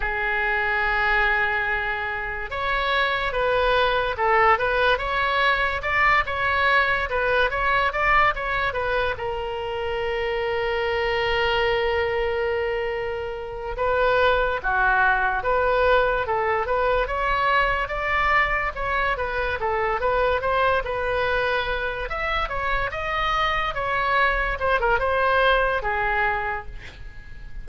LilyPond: \new Staff \with { instrumentName = "oboe" } { \time 4/4 \tempo 4 = 72 gis'2. cis''4 | b'4 a'8 b'8 cis''4 d''8 cis''8~ | cis''8 b'8 cis''8 d''8 cis''8 b'8 ais'4~ | ais'1~ |
ais'8 b'4 fis'4 b'4 a'8 | b'8 cis''4 d''4 cis''8 b'8 a'8 | b'8 c''8 b'4. e''8 cis''8 dis''8~ | dis''8 cis''4 c''16 ais'16 c''4 gis'4 | }